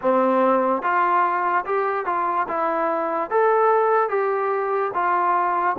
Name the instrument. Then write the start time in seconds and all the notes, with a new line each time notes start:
trombone
0.01 C4
0.82 F4
1.65 G4
2.05 F4
2.48 E4
3.30 A4
4.09 G4
4.94 F4